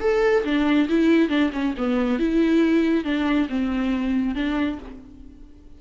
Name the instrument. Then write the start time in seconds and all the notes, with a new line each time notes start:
viola
0.00 A4
0.44 D4
0.89 E4
1.29 D4
1.52 C#4
1.77 B3
2.19 E4
3.04 D4
3.49 C4
4.35 D4